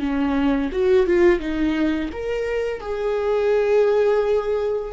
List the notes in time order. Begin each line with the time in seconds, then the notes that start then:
0.00 C#4
0.72 F#4
1.07 F4
1.40 D#4
2.13 A#4
2.81 G#4